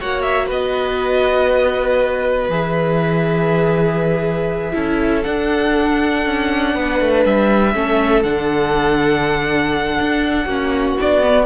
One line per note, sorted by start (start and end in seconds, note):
0.00 0.50 A#3
0.00 2.50 F#4
0.00 0.46 C#5
0.00 0.21 F#5
0.21 0.46 E5
0.46 2.49 B3
0.46 4.71 B4
0.46 2.50 D#5
2.49 4.74 E3
2.49 4.72 G#4
2.49 5.23 E5
4.72 5.25 C#4
4.72 5.22 E4
4.72 6.74 A4
5.23 7.73 D4
5.23 6.25 D4
5.23 7.23 F#5
6.25 6.75 C#4
6.74 7.00 B3
6.74 7.74 B4
7.00 7.25 A3
7.25 7.74 G3
7.25 8.23 E5
7.73 8.24 A3
7.73 8.23 C#4
7.73 10.44 A4
8.23 9.99 D3
8.23 10.49 D4
8.23 10.98 F#5
10.01 10.46 D4
10.44 10.96 A#3
10.44 10.99 C#4
10.44 11.44 F#4
11.00 11.45 B3
11.00 11.21 D4
11.00 11.45 D5
11.21 11.45 B3